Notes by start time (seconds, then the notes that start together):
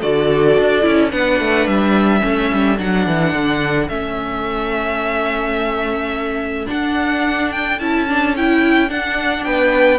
0.00 D3 F#4 A4 D5
0.58 D4
0.82 C#4 E4
1.10 B3 D4 B4 F#5
1.40 A3
1.67 G3 E5
2.20 A3 C#4 A4
2.53 G3
2.77 F#3 D4 F#5
3.06 E3
3.33 D3
3.89 A3 C#4 E5
6.66 D4 F#5
7.52 G5
7.79 C#4 E4 A5
8.08 D4
8.36 E4 G5
8.88 D4 F#5
9.44 B3 B4 G5